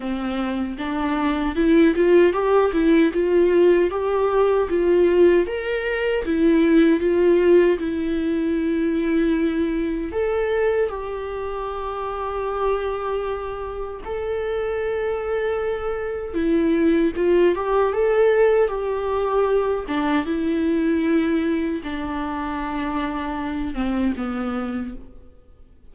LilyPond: \new Staff \with { instrumentName = "viola" } { \time 4/4 \tempo 4 = 77 c'4 d'4 e'8 f'8 g'8 e'8 | f'4 g'4 f'4 ais'4 | e'4 f'4 e'2~ | e'4 a'4 g'2~ |
g'2 a'2~ | a'4 e'4 f'8 g'8 a'4 | g'4. d'8 e'2 | d'2~ d'8 c'8 b4 | }